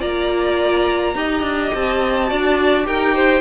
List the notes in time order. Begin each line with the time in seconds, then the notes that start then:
0.00 A#3 F4 D5 A#5
1.15 D#4 G4 D#5
1.43 D4
1.74 C4 A5
2.28 D4 F#4 D5
2.83 D#4 G4 A#4 G5
3.15 C5